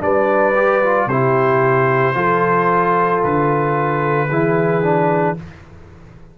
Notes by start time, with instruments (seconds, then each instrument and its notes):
0.00 tuba G3, trombone D4, horn B4, trumpet D5
0.55 trombone G4
0.83 trombone F4
1.06 tuba C3, trombone E4, horn G4, trumpet C5
2.14 tuba F3, trombone F4, horn A4
3.23 tuba D3, trumpet B4
4.29 tuba E3, trombone E4, horn G#4
4.83 trombone D4